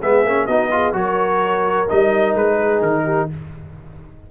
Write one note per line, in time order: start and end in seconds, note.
0.00 0.24 G#3
0.00 0.26 B3
0.00 0.46 G#4
0.00 0.47 E5
0.24 0.47 A#3
0.24 0.49 C#4
0.46 0.94 B3
0.46 0.71 D#4
0.46 0.70 F#4
0.46 0.94 D#5
0.71 0.93 F4
0.71 0.96 G#4
0.93 1.88 F#3
0.93 1.87 F#4
0.93 2.56 A#4
0.93 1.89 C#5
1.89 2.35 G3
1.89 3.31 D#4
1.89 2.36 D#5
2.35 2.82 G#3
2.35 2.82 B4
2.56 3.03 G#4
2.82 3.28 D#3
2.82 3.29 A#4
3.05 3.28 G4